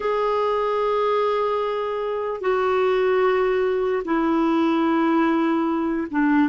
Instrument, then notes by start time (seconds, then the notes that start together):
clarinet
0.00 G#4
2.40 F#4
4.04 E4
6.10 D4